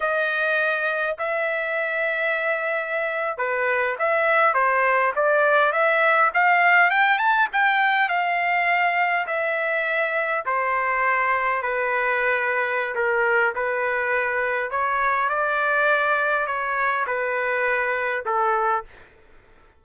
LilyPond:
\new Staff \with { instrumentName = "trumpet" } { \time 4/4 \tempo 4 = 102 dis''2 e''2~ | e''4.~ e''16 b'4 e''4 c''16~ | c''8. d''4 e''4 f''4 g''16~ | g''16 a''8 g''4 f''2 e''16~ |
e''4.~ e''16 c''2 b'16~ | b'2 ais'4 b'4~ | b'4 cis''4 d''2 | cis''4 b'2 a'4 | }